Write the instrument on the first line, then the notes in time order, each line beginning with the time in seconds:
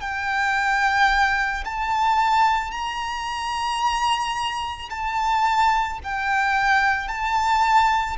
violin
0.00 G5
1.64 A5
2.71 A#5
4.90 A5
6.03 G5
7.08 A5